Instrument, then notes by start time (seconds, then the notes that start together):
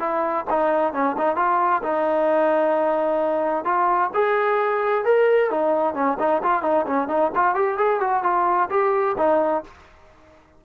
trombone
0.00 E4
0.50 D#4
0.93 C#4
1.18 D#4
1.36 F4
1.83 D#4
3.65 F4
4.15 G#4
5.05 A#4
5.51 D#4
5.95 C#4
6.19 D#4
6.43 F4
6.63 D#4
6.87 C#4
7.08 D#4
7.36 F4
7.55 G4
7.78 G#4
8.01 F#4
8.24 F4
8.71 G4
9.18 D#4